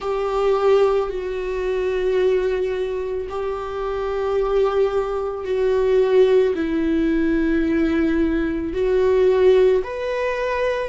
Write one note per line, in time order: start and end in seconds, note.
0.00 1.09 G4
1.09 3.27 F#4
3.29 5.44 G4
5.44 6.54 F#4
6.55 8.73 E4
8.73 9.82 F#4
9.83 10.88 B4